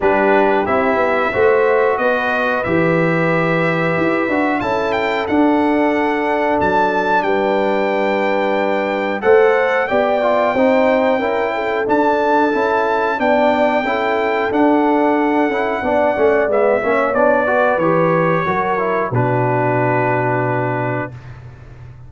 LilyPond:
<<
  \new Staff \with { instrumentName = "trumpet" } { \time 4/4 \tempo 4 = 91 b'4 e''2 dis''4 | e''2. a''8 g''8 | fis''2 a''4 g''4~ | g''2 fis''4 g''4~ |
g''2 a''2 | g''2 fis''2~ | fis''4 e''4 d''4 cis''4~ | cis''4 b'2. | }
  \new Staff \with { instrumentName = "horn" } { \time 4/4 g'2 c''4 b'4~ | b'2. a'4~ | a'2. b'4~ | b'2 c''4 d''4 |
c''4 ais'8 a'2~ a'8 | d''4 a'2. | d''4. cis''4 b'4. | ais'4 fis'2. | }
  \new Staff \with { instrumentName = "trombone" } { \time 4/4 d'4 e'4 fis'2 | g'2~ g'8 fis'8 e'4 | d'1~ | d'2 a'4 g'8 f'8 |
dis'4 e'4 d'4 e'4 | d'4 e'4 d'4. e'8 | d'8 cis'8 b8 cis'8 d'8 fis'8 g'4 | fis'8 e'8 d'2. | }
  \new Staff \with { instrumentName = "tuba" } { \time 4/4 g4 c'8 b8 a4 b4 | e2 e'8 d'8 cis'4 | d'2 fis4 g4~ | g2 a4 b4 |
c'4 cis'4 d'4 cis'4 | b4 cis'4 d'4. cis'8 | b8 a8 gis8 ais8 b4 e4 | fis4 b,2. | }
>>